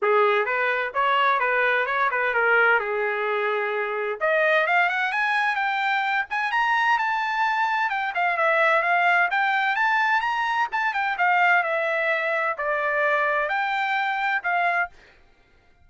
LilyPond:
\new Staff \with { instrumentName = "trumpet" } { \time 4/4 \tempo 4 = 129 gis'4 b'4 cis''4 b'4 | cis''8 b'8 ais'4 gis'2~ | gis'4 dis''4 f''8 fis''8 gis''4 | g''4. gis''8 ais''4 a''4~ |
a''4 g''8 f''8 e''4 f''4 | g''4 a''4 ais''4 a''8 g''8 | f''4 e''2 d''4~ | d''4 g''2 f''4 | }